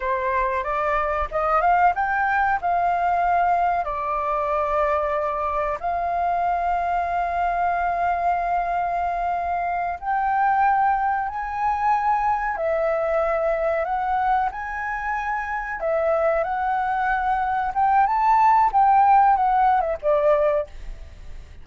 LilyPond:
\new Staff \with { instrumentName = "flute" } { \time 4/4 \tempo 4 = 93 c''4 d''4 dis''8 f''8 g''4 | f''2 d''2~ | d''4 f''2.~ | f''2.~ f''8 g''8~ |
g''4. gis''2 e''8~ | e''4. fis''4 gis''4.~ | gis''8 e''4 fis''2 g''8 | a''4 g''4 fis''8. e''16 d''4 | }